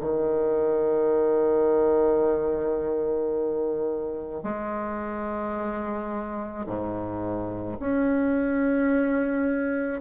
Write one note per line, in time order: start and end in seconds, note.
0.00 4.43 D#3
4.43 6.65 G#3
6.66 7.77 G#2
7.79 10.01 C#4